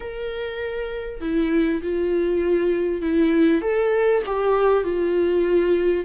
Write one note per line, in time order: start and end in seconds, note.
0.00 1.20 A#4
1.21 1.81 E4
1.82 3.01 F4
3.01 3.61 E4
3.61 4.22 A4
4.26 4.83 G4
4.83 6.04 F4